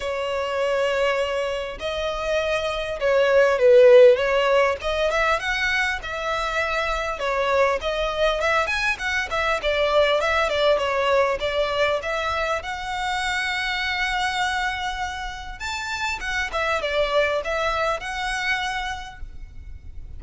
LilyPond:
\new Staff \with { instrumentName = "violin" } { \time 4/4 \tempo 4 = 100 cis''2. dis''4~ | dis''4 cis''4 b'4 cis''4 | dis''8 e''8 fis''4 e''2 | cis''4 dis''4 e''8 gis''8 fis''8 e''8 |
d''4 e''8 d''8 cis''4 d''4 | e''4 fis''2.~ | fis''2 a''4 fis''8 e''8 | d''4 e''4 fis''2 | }